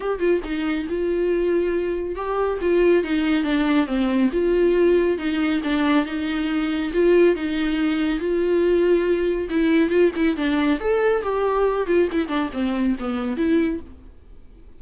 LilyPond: \new Staff \with { instrumentName = "viola" } { \time 4/4 \tempo 4 = 139 g'8 f'8 dis'4 f'2~ | f'4 g'4 f'4 dis'4 | d'4 c'4 f'2 | dis'4 d'4 dis'2 |
f'4 dis'2 f'4~ | f'2 e'4 f'8 e'8 | d'4 a'4 g'4. f'8 | e'8 d'8 c'4 b4 e'4 | }